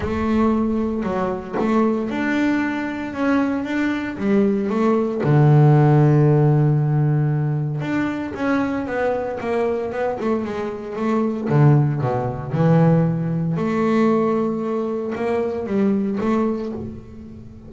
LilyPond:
\new Staff \with { instrumentName = "double bass" } { \time 4/4 \tempo 4 = 115 a2 fis4 a4 | d'2 cis'4 d'4 | g4 a4 d2~ | d2. d'4 |
cis'4 b4 ais4 b8 a8 | gis4 a4 d4 b,4 | e2 a2~ | a4 ais4 g4 a4 | }